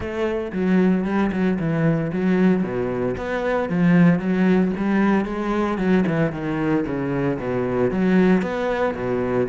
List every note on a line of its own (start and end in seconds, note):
0.00 0.51 A3
0.52 1.04 F#3
1.04 1.30 G3
1.32 1.58 F#3
1.59 2.11 E3
2.12 2.63 F#3
2.63 3.15 B2
3.17 3.69 B3
3.69 4.19 F3
4.19 4.71 F#3
4.76 5.25 G3
5.25 5.78 G#3
5.78 6.04 F#3
6.06 6.32 E3
6.32 6.84 D#3
6.85 7.38 C#3
7.39 7.90 B2
7.90 8.42 F#3
8.42 8.94 B3
8.94 9.47 B2